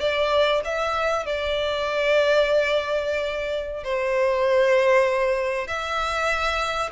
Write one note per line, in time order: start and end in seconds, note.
0.00 0.61 D5
0.64 1.26 E5
1.26 3.83 D5
3.83 5.67 C5
5.67 6.90 E5